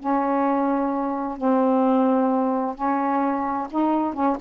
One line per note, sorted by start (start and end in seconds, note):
0.00 1.38 C#4
1.38 2.75 C4
2.75 3.68 C#4
3.70 4.14 D#4
4.14 4.37 C#4